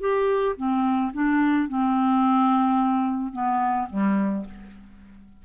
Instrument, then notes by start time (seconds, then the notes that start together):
clarinet
0.00 G4
0.57 C4
1.14 D4
1.68 C4
3.33 B3
3.90 G3